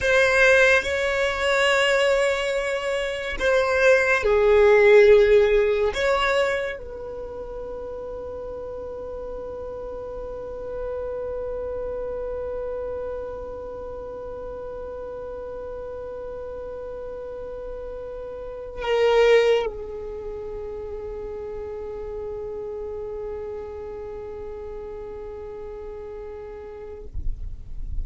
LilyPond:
\new Staff \with { instrumentName = "violin" } { \time 4/4 \tempo 4 = 71 c''4 cis''2. | c''4 gis'2 cis''4 | b'1~ | b'1~ |
b'1~ | b'2~ b'16 ais'4 gis'8.~ | gis'1~ | gis'1 | }